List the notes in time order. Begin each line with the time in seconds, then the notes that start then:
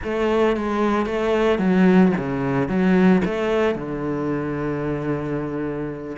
0.03 A3
0.56 G#3
1.06 A3
1.59 F#3
2.17 C#3
2.68 F#3
3.24 A3
3.75 D3